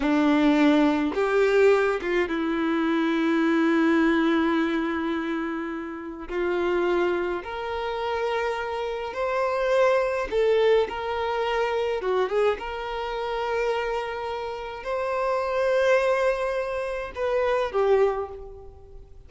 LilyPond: \new Staff \with { instrumentName = "violin" } { \time 4/4 \tempo 4 = 105 d'2 g'4. f'8 | e'1~ | e'2. f'4~ | f'4 ais'2. |
c''2 a'4 ais'4~ | ais'4 fis'8 gis'8 ais'2~ | ais'2 c''2~ | c''2 b'4 g'4 | }